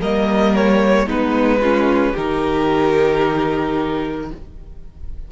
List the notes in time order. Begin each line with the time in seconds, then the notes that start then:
0.00 G3 A#3 A#4 D#5
0.55 C#5
1.06 G#3 B3 D#4 B4
1.61 C#4 F4
2.12 D#3 D#4 G4 A#4